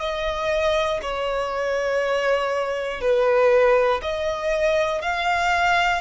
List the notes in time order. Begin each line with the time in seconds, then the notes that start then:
0.00 D#5
1.02 C#5
3.00 B4
4.02 D#5
5.01 F5